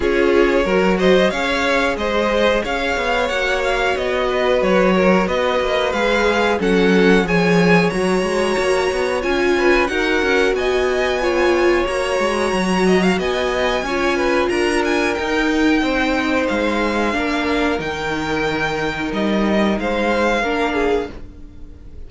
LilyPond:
<<
  \new Staff \with { instrumentName = "violin" } { \time 4/4 \tempo 4 = 91 cis''4. dis''8 f''4 dis''4 | f''4 fis''8 f''8 dis''4 cis''4 | dis''4 f''4 fis''4 gis''4 | ais''2 gis''4 fis''4 |
gis''2 ais''2 | gis''2 ais''8 gis''8 g''4~ | g''4 f''2 g''4~ | g''4 dis''4 f''2 | }
  \new Staff \with { instrumentName = "violin" } { \time 4/4 gis'4 ais'8 c''8 cis''4 c''4 | cis''2~ cis''8 b'4 ais'8 | b'2 a'4 cis''4~ | cis''2~ cis''8 b'8 ais'4 |
dis''4 cis''2~ cis''8 dis''16 f''16 | dis''4 cis''8 b'8 ais'2 | c''2 ais'2~ | ais'2 c''4 ais'8 gis'8 | }
  \new Staff \with { instrumentName = "viola" } { \time 4/4 f'4 fis'4 gis'2~ | gis'4 fis'2.~ | fis'4 gis'4 cis'4 gis'4 | fis'2 f'4 fis'4~ |
fis'4 f'4 fis'2~ | fis'4 f'2 dis'4~ | dis'2 d'4 dis'4~ | dis'2. d'4 | }
  \new Staff \with { instrumentName = "cello" } { \time 4/4 cis'4 fis4 cis'4 gis4 | cis'8 b8 ais4 b4 fis4 | b8 ais8 gis4 fis4 f4 | fis8 gis8 ais8 b8 cis'4 dis'8 cis'8 |
b2 ais8 gis8 fis4 | b4 cis'4 d'4 dis'4 | c'4 gis4 ais4 dis4~ | dis4 g4 gis4 ais4 | }
>>